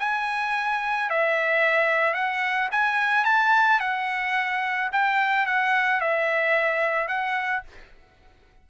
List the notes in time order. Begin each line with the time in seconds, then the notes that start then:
0.00 G#5
1.10 E5
2.14 F#5
2.72 G#5
3.25 A5
3.81 F#5
4.93 G5
5.47 F#5
6.01 E5
7.08 F#5